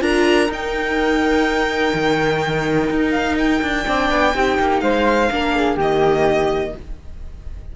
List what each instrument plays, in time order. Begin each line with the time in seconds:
0.00 cello D4, viola F4, flute A#4, violin A#5
0.49 cello D#4, viola D#4, violin G5
1.94 cello D#3
2.90 cello D#4
3.11 violin F5
3.39 violin G5
3.62 cello D4
3.85 cello C4, viola D4, flute D5
4.10 cello B3
4.34 cello C4, viola D#4, flute G4
4.59 cello A#3
4.80 cello G#3, flute C5, violin F5
5.31 cello A#3, viola D4, flute A#4
5.55 flute G#4
5.76 cello D#3, viola A#3, flute G4, violin D#5